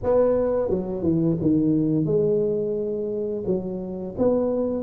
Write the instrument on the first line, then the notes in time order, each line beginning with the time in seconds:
tuba
0.03 B3
0.69 F#3
1.02 E3
1.41 D#3
2.05 G#3
3.46 F#3
4.18 B3